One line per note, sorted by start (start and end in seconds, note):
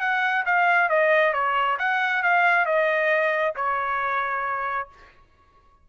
0.00 0.44 F#5
0.45 0.89 F5
0.89 1.33 D#5
1.33 1.78 C#5
1.79 2.23 F#5
2.23 2.65 F5
2.65 3.54 D#5
3.55 4.89 C#5